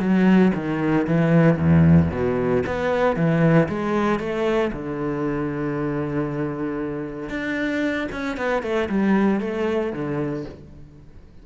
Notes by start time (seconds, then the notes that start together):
0.00 F#3
0.55 D#3
1.08 E3
1.58 E2
2.12 B2
2.67 B3
3.16 E3
3.69 G#3
4.20 A3
4.73 D3
7.30 D4
8.12 C#4
8.38 B3
8.63 A3
8.89 G3
9.41 A3
9.93 D3